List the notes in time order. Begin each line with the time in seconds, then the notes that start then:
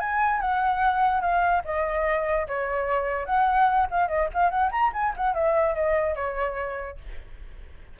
0.00 G#5
0.41 F#5
1.21 F5
1.65 D#5
2.48 C#5
3.26 F#5
3.91 F5
4.08 D#5
4.34 F5
4.50 F#5
4.72 A#5
4.93 G#5
5.17 F#5
5.34 E5
5.75 D#5
6.16 C#5